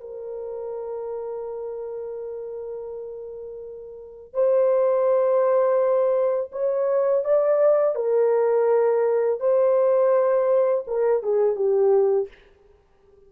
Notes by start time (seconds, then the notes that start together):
0.00 A#4
4.33 C5
6.52 C#5
7.24 D5
7.95 A#4
9.39 C5
10.87 A#4
11.22 G#4
11.55 G4